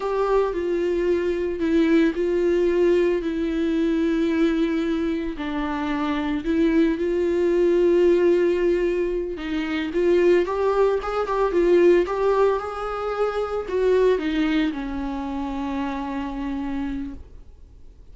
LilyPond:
\new Staff \with { instrumentName = "viola" } { \time 4/4 \tempo 4 = 112 g'4 f'2 e'4 | f'2 e'2~ | e'2 d'2 | e'4 f'2.~ |
f'4. dis'4 f'4 g'8~ | g'8 gis'8 g'8 f'4 g'4 gis'8~ | gis'4. fis'4 dis'4 cis'8~ | cis'1 | }